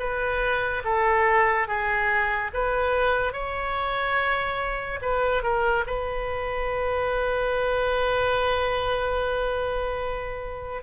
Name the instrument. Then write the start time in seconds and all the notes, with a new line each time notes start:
oboe
0.00 B4
0.85 A4
1.68 G#4
2.54 B4
3.33 C#5
5.02 B4
5.43 A#4
5.87 B4